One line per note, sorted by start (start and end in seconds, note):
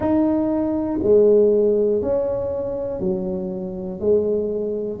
0.00 0.99 D#4
1.03 2.01 G#3
2.01 3.00 C#4
3.00 4.00 F#3
4.00 5.00 G#3